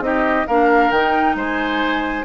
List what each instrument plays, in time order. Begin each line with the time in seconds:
0.00 bassoon C4, clarinet D#4, oboe G4, flute D#5
0.47 bassoon A#3, clarinet D4, oboe A#4, flute F5
0.91 bassoon D#3, clarinet D#4, flute G5
1.35 bassoon G#3, oboe C5, flute G#5